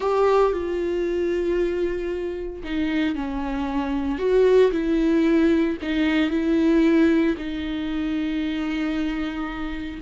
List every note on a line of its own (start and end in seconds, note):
0.00 0.52 G4
0.52 2.62 F4
2.63 3.15 D#4
3.15 4.18 C#4
4.18 4.71 F#4
4.71 5.77 E4
5.82 6.30 D#4
6.30 7.35 E4
7.37 10.00 D#4